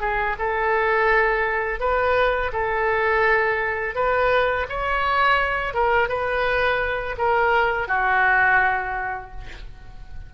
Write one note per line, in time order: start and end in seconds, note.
0.00 0.36 G#4
0.38 1.80 A4
1.80 2.51 B4
2.52 3.95 A4
3.95 4.66 B4
4.69 5.73 C#5
5.73 6.08 A#4
6.08 7.16 B4
7.18 7.88 A#4
7.88 9.31 F#4